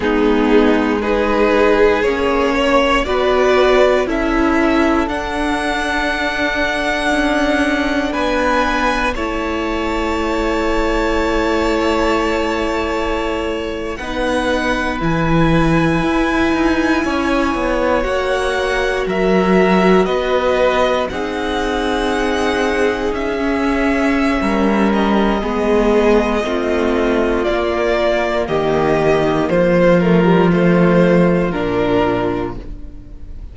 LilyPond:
<<
  \new Staff \with { instrumentName = "violin" } { \time 4/4 \tempo 4 = 59 gis'4 b'4 cis''4 d''4 | e''4 fis''2. | gis''4 a''2.~ | a''4.~ a''16 fis''4 gis''4~ gis''16~ |
gis''4.~ gis''16 fis''4 e''4 dis''16~ | dis''8. fis''2 e''4~ e''16~ | e''8 dis''2~ dis''8 d''4 | dis''4 c''8 ais'8 c''4 ais'4 | }
  \new Staff \with { instrumentName = "violin" } { \time 4/4 dis'4 gis'4. cis''8 b'4 | a'1 | b'4 cis''2.~ | cis''4.~ cis''16 b'2~ b'16~ |
b'8. cis''2 ais'4 b'16~ | b'8. gis'2.~ gis'16 | ais'4 gis'4 f'2 | g'4 f'2. | }
  \new Staff \with { instrumentName = "viola" } { \time 4/4 b4 dis'4 cis'4 fis'4 | e'4 d'2.~ | d'4 e'2.~ | e'4.~ e'16 dis'4 e'4~ e'16~ |
e'4.~ e'16 fis'2~ fis'16~ | fis'8. dis'2~ dis'16 cis'4~ | cis'4 b4 c'4 ais4~ | ais4. a16 g16 a4 d'4 | }
  \new Staff \with { instrumentName = "cello" } { \time 4/4 gis2 ais4 b4 | cis'4 d'2 cis'4 | b4 a2.~ | a4.~ a16 b4 e4 e'16~ |
e'16 dis'8 cis'8 b8 ais4 fis4 b16~ | b8. c'2 cis'4~ cis'16 | g4 gis4 a4 ais4 | dis4 f2 ais,4 | }
>>